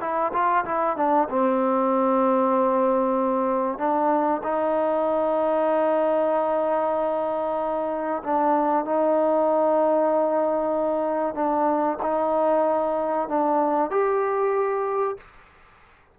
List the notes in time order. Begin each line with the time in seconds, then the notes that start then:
0.00 E4
0.33 F4
0.65 E4
0.96 D4
1.29 C4
3.78 D4
4.43 D#4
8.23 D4
8.84 D#4
11.34 D4
12.02 D#4
13.28 D4
13.90 G4